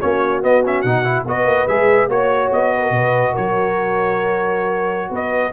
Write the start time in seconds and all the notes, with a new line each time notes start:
0.00 A#3 C#4 F#4 C#5
0.42 B3 D#5
0.65 C#4 E5
0.81 B2 D#4 F#5
1.04 E4
1.25 B3 F#4 B4 D#5
1.45 A#3
1.67 G#3 G#4 E5
2.08 A#3 F#4 C#5
2.52 B3 D#5
2.75 B4
2.82 A#4
2.90 B2 B4
3.32 F#3 A#4 C#5
5.10 B3 B4 D#5